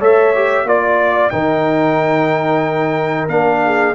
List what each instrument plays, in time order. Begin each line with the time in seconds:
0.00 tuba A3, trombone A4, horn C#5, trumpet E5
0.35 trombone G4
0.64 tuba A#3, trombone F4, horn D5, trumpet D5
1.30 tuba D#3, trombone D#4, horn A#4, trumpet G5
3.28 tuba A#3, trombone D4, trumpet F5
3.66 horn G#4